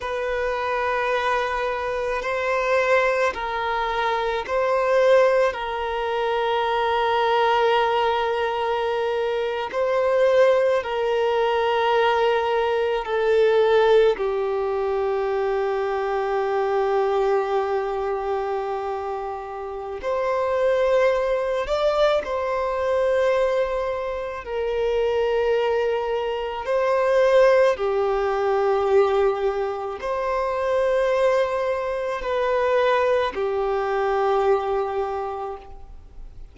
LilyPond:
\new Staff \with { instrumentName = "violin" } { \time 4/4 \tempo 4 = 54 b'2 c''4 ais'4 | c''4 ais'2.~ | ais'8. c''4 ais'2 a'16~ | a'8. g'2.~ g'16~ |
g'2 c''4. d''8 | c''2 ais'2 | c''4 g'2 c''4~ | c''4 b'4 g'2 | }